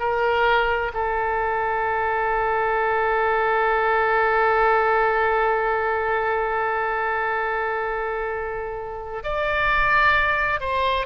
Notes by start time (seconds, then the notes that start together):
0.00 A#4
0.94 A4
9.24 D5
10.61 C5